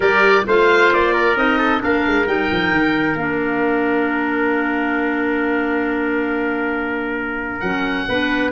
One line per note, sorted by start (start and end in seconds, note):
0.00 0.45 G3
0.00 0.45 G4
0.00 0.44 A#4
0.00 0.46 D5
0.46 0.92 A3
0.46 1.35 F4
0.46 1.13 C5
0.46 0.93 F5
0.92 1.36 A#3
0.92 1.37 D5
1.13 1.58 A#4
1.35 1.81 C4
1.35 1.79 D#4
1.35 1.82 D#5
1.58 1.81 A4
1.79 2.06 A#3
1.79 2.24 D4
1.79 8.07 A#4
1.79 2.27 F5
2.06 2.26 G#3
2.26 2.49 G3
2.26 3.17 D#4
2.26 3.17 G5
2.51 2.71 F3
2.71 3.15 D#3
3.15 7.58 A#3
3.15 7.61 D4
3.15 7.59 F5
7.59 8.07 F#3
7.59 8.07 C#4
7.59 8.50 F#5
8.08 8.51 B3
8.08 8.51 D4
8.08 8.51 B4